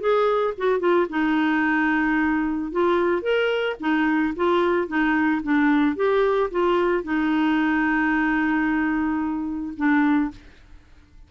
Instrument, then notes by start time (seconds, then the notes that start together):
clarinet
0.00 G#4
0.58 F#4
0.80 F4
1.10 D#4
2.71 F4
3.22 A#4
3.80 D#4
4.36 F4
4.88 D#4
5.43 D4
5.96 G4
6.51 F4
7.04 D#4
9.77 D4